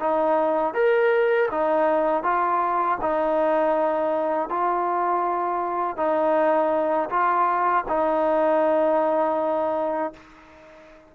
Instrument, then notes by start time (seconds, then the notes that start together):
trombone
0.00 D#4
0.74 A#4
1.51 D#4
2.23 F4
3.01 D#4
4.49 F4
5.97 D#4
7.09 F4
7.89 D#4